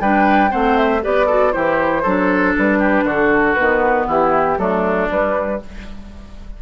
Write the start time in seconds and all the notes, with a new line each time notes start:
0.00 G3 D4 B4 G5
0.49 A3 C4 C5 F#5
0.77 E5
1.02 B3 G4 B4 D5
1.26 F#4 A4
1.51 E3 E4 G4 C5
2.02 F#3 D4 A4
2.58 G3 B4
2.78 G4
3.03 D3 F#4 A4
3.54 D#3 B3 B4
4.07 E3 E4 G4
4.58 F#3 A3 D4 A4
5.10 G3 B4